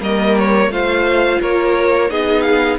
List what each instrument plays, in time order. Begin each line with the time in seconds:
0.00 cello G3, viola A#3, violin A#4 D#5
0.38 violin C#5
0.67 cello A3, viola F4, violin C5 F5
1.41 cello A#3, violin A#4 C#5
2.10 cello B3, viola D#4, violin G#4 D#5
2.41 violin F5